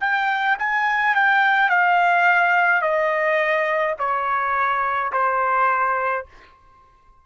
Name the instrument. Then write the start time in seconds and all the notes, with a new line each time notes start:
trumpet
0.00 G5
0.59 G#5
1.15 G5
1.69 F5
2.81 D#5
3.98 C#5
5.12 C5